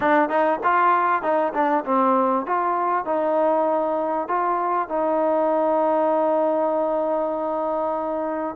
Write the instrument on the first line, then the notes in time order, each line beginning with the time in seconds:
trombone
0.00 D4
0.29 D#4
0.63 F4
1.22 D#4
1.53 D4
1.85 C4
2.45 F4
3.05 D#4
4.28 F4
4.88 D#4